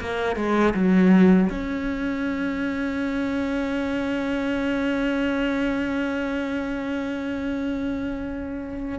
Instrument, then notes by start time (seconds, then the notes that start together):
cello
0.00 A#3
0.36 G#3
0.74 F#3
1.49 C#4